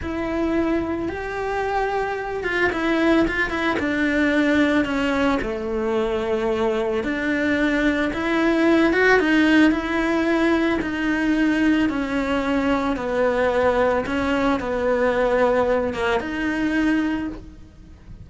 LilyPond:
\new Staff \with { instrumentName = "cello" } { \time 4/4 \tempo 4 = 111 e'2 g'2~ | g'8 f'8 e'4 f'8 e'8 d'4~ | d'4 cis'4 a2~ | a4 d'2 e'4~ |
e'8 fis'8 dis'4 e'2 | dis'2 cis'2 | b2 cis'4 b4~ | b4. ais8 dis'2 | }